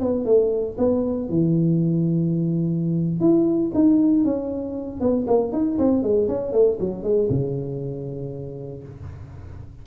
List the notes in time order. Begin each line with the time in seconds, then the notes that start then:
0.00 B3
0.25 A3
0.78 B3
1.29 E3
3.20 E4
3.74 D#4
4.24 C#4
5.00 B3
5.27 A#3
5.52 D#4
5.78 C4
6.03 G#3
6.28 C#4
6.52 A3
6.80 F#3
7.03 G#3
7.29 C#3